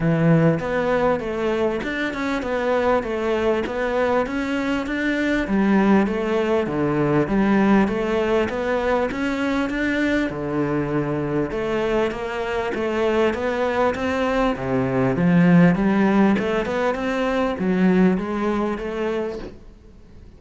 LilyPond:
\new Staff \with { instrumentName = "cello" } { \time 4/4 \tempo 4 = 99 e4 b4 a4 d'8 cis'8 | b4 a4 b4 cis'4 | d'4 g4 a4 d4 | g4 a4 b4 cis'4 |
d'4 d2 a4 | ais4 a4 b4 c'4 | c4 f4 g4 a8 b8 | c'4 fis4 gis4 a4 | }